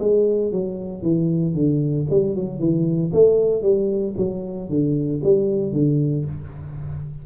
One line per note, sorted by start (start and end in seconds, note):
0.00 0.52 G#3
0.52 1.03 F#3
1.03 1.54 E3
1.54 2.07 D3
2.11 2.36 G3
2.36 2.60 F#3
2.60 3.12 E3
3.14 3.63 A3
3.63 4.15 G3
4.18 4.70 F#3
4.70 5.22 D3
5.24 5.73 G3
5.73 6.25 D3